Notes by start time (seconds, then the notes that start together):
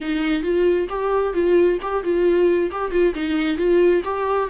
0.01 D#4
0.43 F4
0.89 G4
1.33 F4
1.81 G4
2.03 F4
2.71 G4
2.91 F4
3.14 D#4
3.57 F4
4.04 G4